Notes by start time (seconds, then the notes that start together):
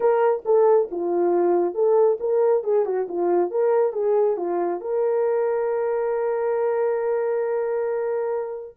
0.00 A#4
0.45 A4
0.91 F4
1.74 A4
2.20 A#4
2.63 G#4
2.85 F#4
3.08 F4
3.50 A#4
3.93 G#4
4.37 F4
4.80 A#4